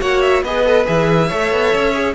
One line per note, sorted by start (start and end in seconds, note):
0.00 0.43 A#3
0.00 0.43 F#4
0.00 0.44 C#5
0.00 0.22 F#5
0.22 0.43 E5
0.43 0.86 B3
0.43 0.66 G#4
0.43 1.28 B4
0.43 0.87 D#5
0.66 0.86 A4
0.86 1.32 E3
0.86 1.29 G#4
0.86 2.15 E5
1.28 1.53 A3
1.28 1.94 A4
1.28 2.15 C#5
1.53 1.74 B3
1.75 2.15 C#4
1.94 2.15 G#4